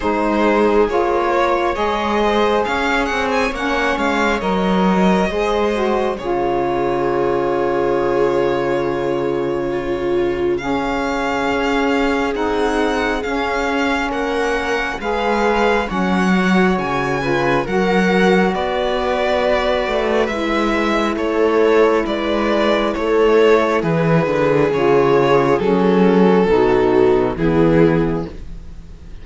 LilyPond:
<<
  \new Staff \with { instrumentName = "violin" } { \time 4/4 \tempo 4 = 68 c''4 cis''4 dis''4 f''8 fis''16 gis''16 | fis''8 f''8 dis''2 cis''4~ | cis''1 | f''2 fis''4 f''4 |
fis''4 f''4 fis''4 gis''4 | fis''4 d''2 e''4 | cis''4 d''4 cis''4 b'4 | cis''4 a'2 gis'4 | }
  \new Staff \with { instrumentName = "viola" } { \time 4/4 gis'4. cis''4 c''8 cis''4~ | cis''2 c''4 gis'4~ | gis'2. f'4 | gis'1 |
ais'4 b'4 cis''4. b'8 | ais'4 b'2. | a'4 b'4 a'4 gis'4~ | gis'2 fis'4 e'4 | }
  \new Staff \with { instrumentName = "saxophone" } { \time 4/4 dis'4 f'4 gis'2 | cis'4 ais'4 gis'8 fis'8 f'4~ | f'1 | cis'2 dis'4 cis'4~ |
cis'4 gis'4 cis'8 fis'4 f'8 | fis'2. e'4~ | e'1 | f'4 cis'4 dis'4 b4 | }
  \new Staff \with { instrumentName = "cello" } { \time 4/4 gis4 ais4 gis4 cis'8 c'8 | ais8 gis8 fis4 gis4 cis4~ | cis1~ | cis4 cis'4 c'4 cis'4 |
ais4 gis4 fis4 cis4 | fis4 b4. a8 gis4 | a4 gis4 a4 e8 d8 | cis4 fis4 b,4 e4 | }
>>